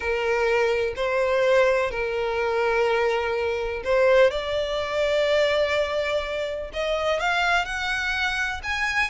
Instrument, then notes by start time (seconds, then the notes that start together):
violin
0.00 A#4
0.95 C5
1.90 A#4
3.84 C5
4.30 D5
6.73 D#5
7.20 F5
7.65 F#5
8.63 G#5